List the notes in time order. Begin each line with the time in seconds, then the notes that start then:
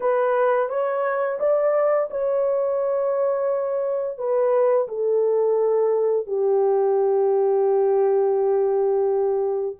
0.00 B4
0.69 C#5
1.40 D5
2.10 C#5
4.18 B4
4.88 A4
6.27 G4